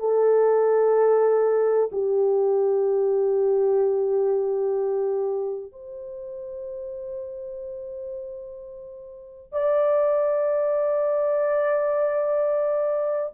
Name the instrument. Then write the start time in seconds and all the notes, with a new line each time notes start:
horn
0.00 A4
1.93 G4
5.73 C5
9.53 D5